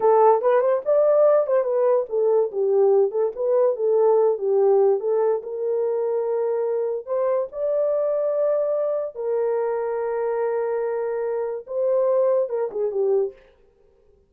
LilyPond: \new Staff \with { instrumentName = "horn" } { \time 4/4 \tempo 4 = 144 a'4 b'8 c''8 d''4. c''8 | b'4 a'4 g'4. a'8 | b'4 a'4. g'4. | a'4 ais'2.~ |
ais'4 c''4 d''2~ | d''2 ais'2~ | ais'1 | c''2 ais'8 gis'8 g'4 | }